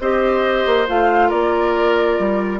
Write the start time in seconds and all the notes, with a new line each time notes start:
0.00 C4 G4 C5 D#5
0.66 A#3
0.87 A3 F4 F5
1.29 A#3 A#4 D5
2.19 G3